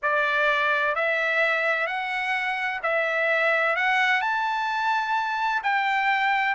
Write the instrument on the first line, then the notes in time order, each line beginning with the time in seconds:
trumpet
0.02 D5
0.95 E5
1.86 F#5
2.82 E5
3.76 F#5
4.21 A5
5.63 G5